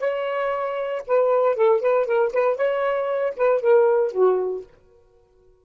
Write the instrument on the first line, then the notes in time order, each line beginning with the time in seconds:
saxophone
0.00 C#5
1.07 B4
1.56 A4
1.81 B4
2.07 A#4
2.33 B4
2.57 C#5
3.37 B4
3.62 A#4
4.12 F#4